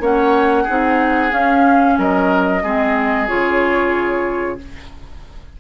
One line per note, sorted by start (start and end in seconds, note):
0.00 0.65 A#3
0.00 0.67 C#4
0.00 0.64 C#5
0.00 1.33 F#5
0.64 1.32 C4
0.64 1.30 D#4
0.64 1.94 G#4
1.30 2.61 C#4
1.30 1.97 C#4
1.30 1.98 F5
1.98 2.63 F#3
1.98 2.63 A#4
1.98 3.28 D#5
2.63 3.29 G#3
2.63 3.28 C4
2.63 4.59 G#4
3.28 4.61 C#3
3.28 4.58 F4
3.28 4.59 C#5